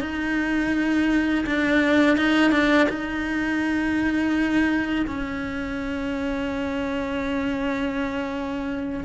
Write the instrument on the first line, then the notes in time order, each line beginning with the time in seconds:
cello
0.00 D#4
1.46 D4
2.17 D#4
2.51 D4
2.89 D#4
5.07 C#4